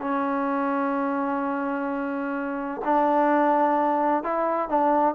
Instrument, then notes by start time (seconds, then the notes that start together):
trombone
0.00 C#4
2.85 D4
4.23 E4
4.69 D4